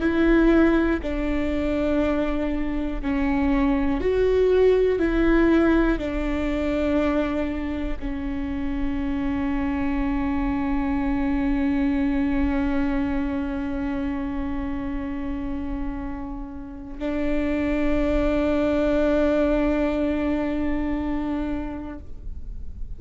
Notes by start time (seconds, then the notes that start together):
0.00 E4
1.02 D4
3.01 C#4
4.00 F#4
4.99 E4
5.99 D4
7.99 C#4
16.99 D4